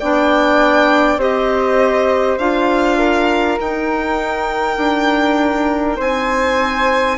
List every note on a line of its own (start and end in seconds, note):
0.00 1.18 B3
0.00 1.20 D4
0.00 1.20 D5
0.00 1.20 G5
1.18 2.38 C4
1.18 2.40 G4
1.18 2.98 C5
1.18 2.39 D#5
2.39 3.59 D4
2.39 3.60 F4
2.39 3.58 F5
2.98 5.97 A#4
3.60 7.18 D#4
3.60 4.78 D#4
3.60 6.01 G5
4.78 5.98 D4
5.97 7.18 C4
5.97 7.17 C5
5.97 7.18 G#5